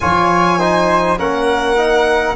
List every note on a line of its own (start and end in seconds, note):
0.00 1.17 F3
0.00 0.59 F4
0.00 0.59 C#5
0.00 1.17 G#5
0.59 1.18 D#4
0.59 1.18 C5
1.17 2.35 A#3
1.17 1.76 C#4
1.17 2.36 A#4
1.17 2.36 F#5
1.76 2.35 D#4